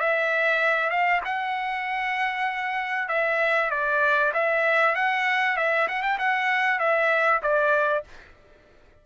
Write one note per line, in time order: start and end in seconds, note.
0.00 0.90 E5
0.90 1.21 F5
1.25 3.08 F#5
3.08 3.70 E5
3.71 4.32 D5
4.34 4.95 E5
4.95 5.57 F#5
5.57 5.88 E5
5.88 6.03 F#5
6.03 6.18 G5
6.19 6.79 F#5
6.79 7.41 E5
7.42 8.04 D5